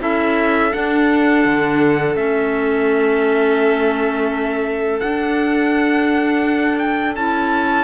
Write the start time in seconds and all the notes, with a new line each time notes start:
0.00 C#4 E4 A4 E5
0.72 D4 F#5
1.45 D3
2.15 A3 C#4 E5
5.00 D4 F#5
6.79 G5
7.16 C#4 E4 A5